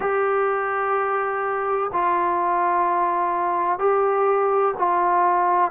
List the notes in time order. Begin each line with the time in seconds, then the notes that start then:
0.00 G4
1.93 F4
3.78 G4
4.78 F4